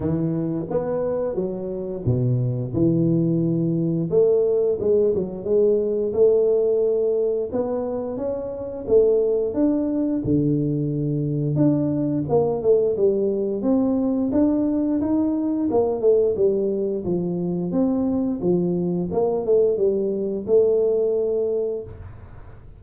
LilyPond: \new Staff \with { instrumentName = "tuba" } { \time 4/4 \tempo 4 = 88 e4 b4 fis4 b,4 | e2 a4 gis8 fis8 | gis4 a2 b4 | cis'4 a4 d'4 d4~ |
d4 d'4 ais8 a8 g4 | c'4 d'4 dis'4 ais8 a8 | g4 f4 c'4 f4 | ais8 a8 g4 a2 | }